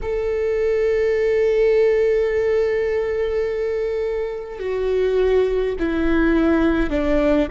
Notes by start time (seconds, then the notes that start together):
0.02 A4
4.59 F#4
5.79 E4
6.90 D4